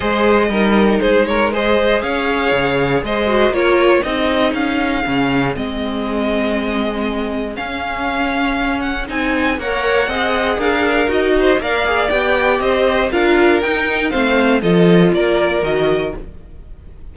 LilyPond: <<
  \new Staff \with { instrumentName = "violin" } { \time 4/4 \tempo 4 = 119 dis''2 c''8 cis''8 dis''4 | f''2 dis''4 cis''4 | dis''4 f''2 dis''4~ | dis''2. f''4~ |
f''4. fis''8 gis''4 fis''4~ | fis''4 f''4 dis''4 f''4 | g''4 dis''4 f''4 g''4 | f''4 dis''4 d''4 dis''4 | }
  \new Staff \with { instrumentName = "violin" } { \time 4/4 c''4 ais'4 gis'8 ais'8 c''4 | cis''2 c''4 ais'4 | gis'1~ | gis'1~ |
gis'2. cis''4 | dis''4 ais'4. c''8 d''4~ | d''4 c''4 ais'2 | c''4 a'4 ais'2 | }
  \new Staff \with { instrumentName = "viola" } { \time 4/4 gis'4 dis'2 gis'4~ | gis'2~ gis'8 fis'8 f'4 | dis'2 cis'4 c'4~ | c'2. cis'4~ |
cis'2 dis'4 ais'4 | gis'2 fis'4 ais'8 gis'8 | g'2 f'4 dis'4 | c'4 f'2 fis'4 | }
  \new Staff \with { instrumentName = "cello" } { \time 4/4 gis4 g4 gis2 | cis'4 cis4 gis4 ais4 | c'4 cis'4 cis4 gis4~ | gis2. cis'4~ |
cis'2 c'4 ais4 | c'4 d'4 dis'4 ais4 | b4 c'4 d'4 dis'4 | a4 f4 ais4 dis4 | }
>>